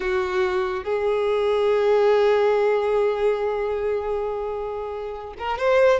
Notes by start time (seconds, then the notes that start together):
0.00 F#4
0.84 G#4
5.38 A#4
5.58 C5